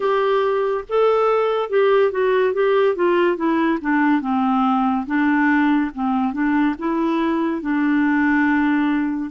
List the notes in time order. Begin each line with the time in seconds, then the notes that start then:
0.00 G4
0.88 A4
1.69 G4
2.11 F#4
2.53 G4
2.95 F4
3.36 E4
3.81 D4
4.21 C4
5.06 D4
5.94 C4
6.33 D4
6.78 E4
7.61 D4